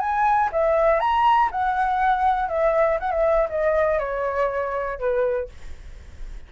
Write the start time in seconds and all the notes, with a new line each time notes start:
0.00 G#5
0.53 E5
1.00 A#5
1.52 F#5
2.49 E5
3.00 F#5
3.11 E5
3.50 D#5
4.00 C#5
5.00 B4